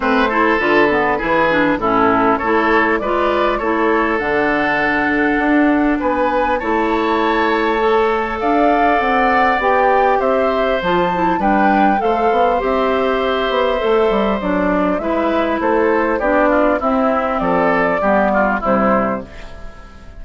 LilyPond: <<
  \new Staff \with { instrumentName = "flute" } { \time 4/4 \tempo 4 = 100 c''4 b'2 a'4 | cis''4 d''4 cis''4 fis''4~ | fis''2 gis''4 a''4~ | a''2 f''4 fis''4 |
g''4 e''4 a''4 g''4 | f''4 e''2. | d''4 e''4 c''4 d''4 | e''4 d''2 c''4 | }
  \new Staff \with { instrumentName = "oboe" } { \time 4/4 b'8 a'4. gis'4 e'4 | a'4 b'4 a'2~ | a'2 b'4 cis''4~ | cis''2 d''2~ |
d''4 c''2 b'4 | c''1~ | c''4 b'4 a'4 g'8 f'8 | e'4 a'4 g'8 f'8 e'4 | }
  \new Staff \with { instrumentName = "clarinet" } { \time 4/4 c'8 e'8 f'8 b8 e'8 d'8 cis'4 | e'4 f'4 e'4 d'4~ | d'2. e'4~ | e'4 a'2. |
g'2 f'8 e'8 d'4 | a'4 g'2 a'4 | d'4 e'2 d'4 | c'2 b4 g4 | }
  \new Staff \with { instrumentName = "bassoon" } { \time 4/4 a4 d4 e4 a,4 | a4 gis4 a4 d4~ | d4 d'4 b4 a4~ | a2 d'4 c'4 |
b4 c'4 f4 g4 | a8 b8 c'4. b8 a8 g8 | fis4 gis4 a4 b4 | c'4 f4 g4 c4 | }
>>